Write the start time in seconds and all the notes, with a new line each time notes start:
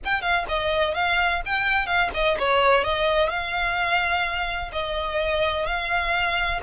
0.04 G5
0.21 F5
0.48 D#5
0.94 F5
1.45 G5
1.86 F5
2.14 D#5
2.39 C#5
2.84 D#5
3.29 F5
4.72 D#5
5.66 F5